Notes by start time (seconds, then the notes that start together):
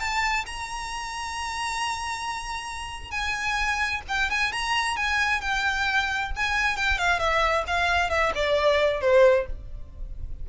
0.00 A5
0.46 A#5
3.11 G#5
4.08 G5
4.30 G#5
4.52 A#5
4.97 G#5
5.41 G5
6.36 G#5
6.77 G5
6.98 F5
7.19 E5
7.67 F5
8.10 E5
8.35 D5
9.01 C5